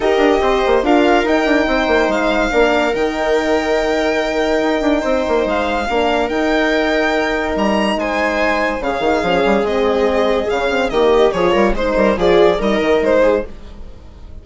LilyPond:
<<
  \new Staff \with { instrumentName = "violin" } { \time 4/4 \tempo 4 = 143 dis''2 f''4 g''4~ | g''4 f''2 g''4~ | g''1~ | g''4 f''2 g''4~ |
g''2 ais''4 gis''4~ | gis''4 f''2 dis''4~ | dis''4 f''4 dis''4 cis''4 | c''4 d''4 dis''4 c''4 | }
  \new Staff \with { instrumentName = "viola" } { \time 4/4 ais'4 c''4 ais'2 | c''2 ais'2~ | ais'1 | c''2 ais'2~ |
ais'2. c''4~ | c''4 gis'2.~ | gis'2 g'4 gis'8 ais'8 | c''8 ais'8 gis'4 ais'4. gis'8 | }
  \new Staff \with { instrumentName = "horn" } { \time 4/4 g'2 f'4 dis'4~ | dis'2 d'4 dis'4~ | dis'1~ | dis'2 d'4 dis'4~ |
dis'1~ | dis'4 cis'8 dis'8 cis'4 c'4~ | c'4 cis'8 c'8 ais4 f'4 | dis'4 f'4 dis'2 | }
  \new Staff \with { instrumentName = "bassoon" } { \time 4/4 dis'8 d'8 c'8 ais8 d'4 dis'8 d'8 | c'8 ais8 gis4 ais4 dis4~ | dis2. dis'8 d'8 | c'8 ais8 gis4 ais4 dis'4~ |
dis'2 g4 gis4~ | gis4 cis8 dis8 f8 g8 gis4~ | gis4 cis4 dis4 f8 g8 | gis8 g8 f4 g8 dis8 gis4 | }
>>